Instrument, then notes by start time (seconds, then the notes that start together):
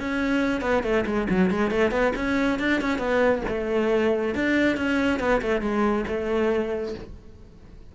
cello
0.00 C#4
0.62 B3
0.83 A3
1.06 G#3
1.30 F#3
1.51 G#3
1.71 A3
1.92 B3
2.16 C#4
2.60 D4
2.82 C#4
2.99 B3
3.48 A3
4.35 D4
4.77 C#4
5.20 B3
5.42 A3
5.61 G#3
6.08 A3